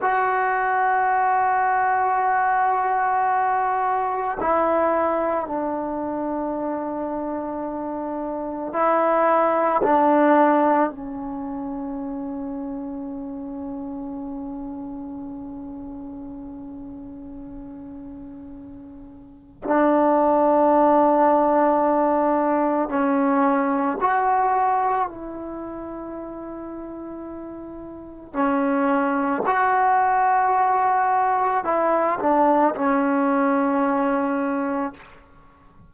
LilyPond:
\new Staff \with { instrumentName = "trombone" } { \time 4/4 \tempo 4 = 55 fis'1 | e'4 d'2. | e'4 d'4 cis'2~ | cis'1~ |
cis'2 d'2~ | d'4 cis'4 fis'4 e'4~ | e'2 cis'4 fis'4~ | fis'4 e'8 d'8 cis'2 | }